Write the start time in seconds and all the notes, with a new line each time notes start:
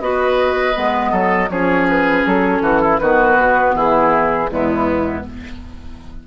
0.00 B3 F#4 B4 D#5
0.74 G#3 B3
1.12 F#3 A4
1.50 F3 C#4 G#4 C#5
1.89 B4
2.26 F#3 A4
2.61 E3 F#4
2.81 E4
2.98 D#3 B3 F#4 B4
3.39 B2
3.75 E3 E4 G#4
4.49 E2 G#3 B3 E4